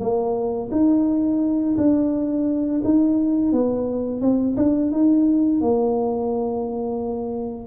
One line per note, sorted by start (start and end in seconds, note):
0.00 0.70 A#3
0.72 1.76 D#4
1.78 2.82 D4
2.84 3.53 D#4
3.53 4.21 B3
4.21 4.56 C4
4.57 4.92 D4
4.92 5.61 D#4
5.61 7.67 A#3